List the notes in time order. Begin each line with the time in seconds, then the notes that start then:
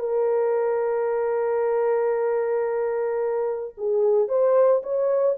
0.00 A#4
3.78 G#4
4.29 C5
4.83 C#5